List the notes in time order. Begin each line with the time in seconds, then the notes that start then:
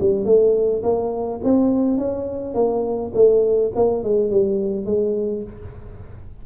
0.00 G3
0.25 A3
0.83 A#3
1.44 C4
1.98 C#4
2.54 A#3
3.14 A3
3.75 A#3
4.03 G#3
4.31 G3
4.85 G#3